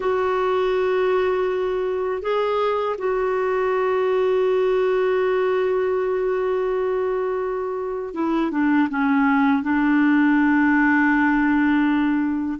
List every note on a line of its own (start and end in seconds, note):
0.00 2.22 F#4
2.22 2.96 G#4
2.98 8.14 F#4
8.14 8.51 E4
8.51 8.88 D4
8.89 9.62 C#4
9.62 12.59 D4